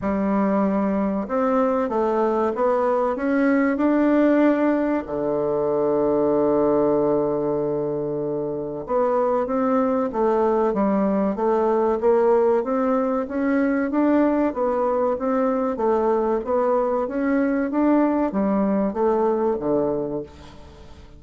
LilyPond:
\new Staff \with { instrumentName = "bassoon" } { \time 4/4 \tempo 4 = 95 g2 c'4 a4 | b4 cis'4 d'2 | d1~ | d2 b4 c'4 |
a4 g4 a4 ais4 | c'4 cis'4 d'4 b4 | c'4 a4 b4 cis'4 | d'4 g4 a4 d4 | }